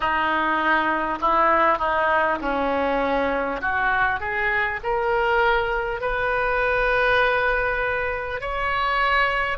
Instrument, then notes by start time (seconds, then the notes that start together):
oboe
0.00 D#4
1.21 E4
1.78 D#4
2.41 C#4
3.61 F#4
4.19 G#4
4.83 A#4
6.00 B4
8.41 C#5